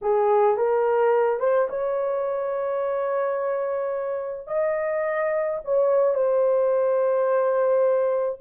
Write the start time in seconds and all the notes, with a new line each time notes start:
0.01 G#4
0.56 A#4
1.39 C5
1.69 C#5
4.47 D#5
5.64 C#5
6.14 C5